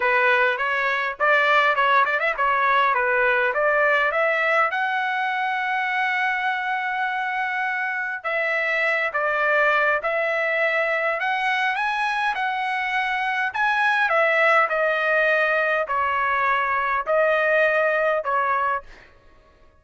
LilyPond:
\new Staff \with { instrumentName = "trumpet" } { \time 4/4 \tempo 4 = 102 b'4 cis''4 d''4 cis''8 d''16 e''16 | cis''4 b'4 d''4 e''4 | fis''1~ | fis''2 e''4. d''8~ |
d''4 e''2 fis''4 | gis''4 fis''2 gis''4 | e''4 dis''2 cis''4~ | cis''4 dis''2 cis''4 | }